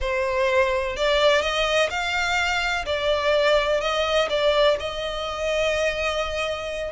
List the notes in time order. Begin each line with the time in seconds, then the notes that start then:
0.01 C5
0.96 D5
1.41 D#5
1.89 F5
2.85 D5
3.81 D#5
4.29 D5
4.79 D#5